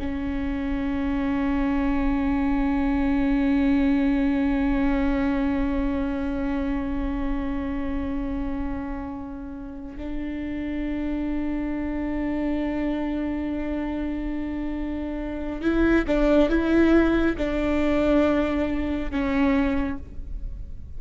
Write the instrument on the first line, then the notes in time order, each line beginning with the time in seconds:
viola
0.00 C#4
9.97 D4
15.62 E4
16.08 D4
16.50 E4
17.38 D4
19.11 C#4